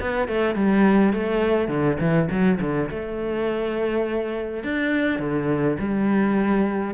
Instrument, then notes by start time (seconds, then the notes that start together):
cello
0.00 B3
0.28 A3
0.55 G3
1.13 A3
1.68 D3
1.99 E3
2.30 F#3
2.60 D3
2.89 A3
4.63 D4
5.19 D3
5.79 G3